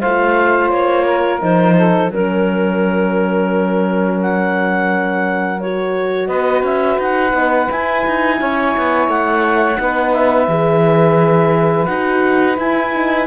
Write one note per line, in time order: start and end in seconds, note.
0.00 0.72 A3
0.00 1.40 F4
0.00 1.05 C5
0.00 0.69 F5
0.69 1.41 A#3
0.69 1.39 C#5
1.05 1.74 A#4
1.40 2.09 F3
1.40 2.10 D#4
1.40 2.11 C5
1.77 2.11 A4
2.09 6.28 F#3
2.09 5.61 C#4
2.09 6.27 A#4
2.09 4.21 A#4
4.21 5.60 F#5
5.60 7.33 F#4
5.60 6.27 C#5
6.27 6.62 B3
6.27 8.36 B4
6.27 6.62 D#5
6.62 6.97 C#4
6.62 6.99 E5
6.98 7.33 D#4
6.98 7.70 F#5
7.33 7.68 B3
7.33 7.67 D#4
7.69 9.78 E4
7.69 8.06 E4
7.69 9.09 G#5
8.06 8.40 D#4
8.39 8.75 C#4
8.39 9.79 C#5
8.77 9.07 B3
9.07 9.77 A3
9.07 10.13 F#5
9.78 10.47 B3
9.78 10.47 D#4
9.78 13.26 B4
10.13 11.86 E5
10.47 11.87 E3
10.47 11.88 G#4
11.86 12.57 D#4
11.86 12.56 F#4
11.86 12.55 F#5
12.56 12.91 E4
12.56 13.26 E4
12.56 13.26 G#5
12.94 13.26 D#4